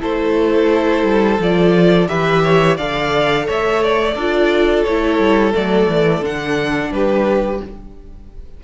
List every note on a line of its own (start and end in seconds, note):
0.00 1.03 A3
0.00 1.38 E4
0.00 2.08 A4
0.00 1.40 C5
1.03 1.37 G3
1.38 2.07 F3
1.38 2.08 F4
1.38 2.08 D5
2.08 2.78 E3
2.08 2.77 G4
2.08 2.43 B4
2.08 2.77 E5
2.43 2.76 C#5
2.76 3.47 D3
2.76 4.17 A4
2.76 3.45 D5
2.76 3.46 F5
3.46 4.15 A3
3.46 4.14 C#5
3.46 3.83 E5
3.83 4.83 D5
4.14 4.84 D4
4.14 4.87 F4
4.14 6.90 A4
4.83 5.19 A3
4.83 5.53 E4
4.83 5.52 C#5
5.19 5.53 G3
5.53 5.87 F#3
5.53 6.22 A3
5.53 6.24 D5
5.87 6.20 E3
6.20 6.89 D3
6.20 7.60 D4
6.20 6.92 F#5
6.91 7.59 G3
6.91 7.63 G4
6.91 7.61 B4